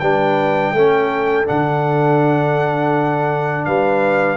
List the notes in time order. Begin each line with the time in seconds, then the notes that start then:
0.00 G3 D4 B4 G5
0.74 A3 C#4 A4
1.46 D3 D4 F#5
3.65 G3 B4 F5